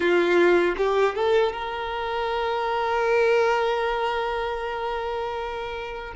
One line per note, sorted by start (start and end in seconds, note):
0.00 0.75 F4
0.77 1.15 G4
1.15 1.52 A4
1.52 6.14 A#4